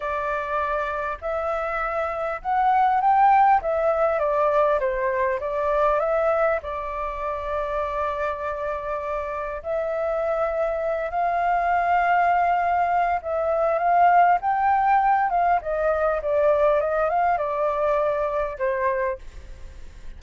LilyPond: \new Staff \with { instrumentName = "flute" } { \time 4/4 \tempo 4 = 100 d''2 e''2 | fis''4 g''4 e''4 d''4 | c''4 d''4 e''4 d''4~ | d''1 |
e''2~ e''8 f''4.~ | f''2 e''4 f''4 | g''4. f''8 dis''4 d''4 | dis''8 f''8 d''2 c''4 | }